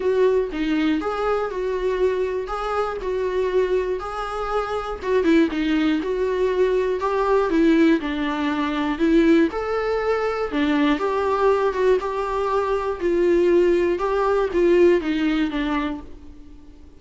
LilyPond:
\new Staff \with { instrumentName = "viola" } { \time 4/4 \tempo 4 = 120 fis'4 dis'4 gis'4 fis'4~ | fis'4 gis'4 fis'2 | gis'2 fis'8 e'8 dis'4 | fis'2 g'4 e'4 |
d'2 e'4 a'4~ | a'4 d'4 g'4. fis'8 | g'2 f'2 | g'4 f'4 dis'4 d'4 | }